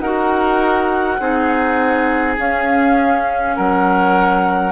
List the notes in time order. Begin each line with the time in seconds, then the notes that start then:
0.00 D#4 F#4 A#4 F#5
1.20 C4 D#4 G#4
2.39 C#4 F5
3.56 F#3 A#4 F#5